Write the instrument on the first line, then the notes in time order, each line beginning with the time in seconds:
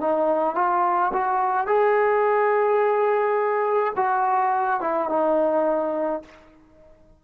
trombone
0.00 D#4
0.55 F4
1.13 F#4
1.66 G#4
3.96 F#4
4.80 E4
5.08 D#4